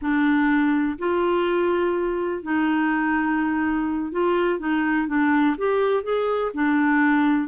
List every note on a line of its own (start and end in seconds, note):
0.01 0.98 D4
0.98 2.42 F4
2.42 4.12 D#4
4.12 4.59 F4
4.59 5.07 D#4
5.07 5.56 D4
5.57 6.03 G4
6.03 6.51 G#4
6.53 7.48 D4